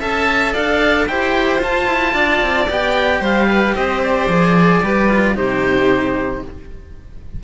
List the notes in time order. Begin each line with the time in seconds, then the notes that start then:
0.00 C#4 A4 E5 A5
0.53 D4 D5 F5
1.07 E4 G4 C5 G5
1.59 F4 A5
1.87 E4
2.14 D4 D5
2.42 C4
2.69 B3 G4 G5
3.20 G3 C5 F5
3.49 B4
3.75 C4 C5 D#5
4.03 D5
4.28 F3 G#4
4.83 G3 G4 B4
5.09 F4
5.35 C3 D#4 G4 C5